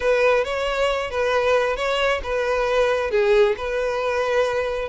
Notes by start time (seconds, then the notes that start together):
0.00 B4
0.44 C#5
1.10 B4
1.76 C#5
2.23 B4
3.10 G#4
3.57 B4